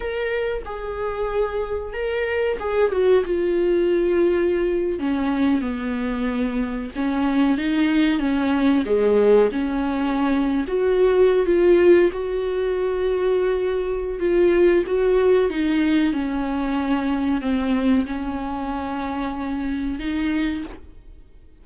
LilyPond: \new Staff \with { instrumentName = "viola" } { \time 4/4 \tempo 4 = 93 ais'4 gis'2 ais'4 | gis'8 fis'8 f'2~ f'8. cis'16~ | cis'8. b2 cis'4 dis'16~ | dis'8. cis'4 gis4 cis'4~ cis'16~ |
cis'8 fis'4~ fis'16 f'4 fis'4~ fis'16~ | fis'2 f'4 fis'4 | dis'4 cis'2 c'4 | cis'2. dis'4 | }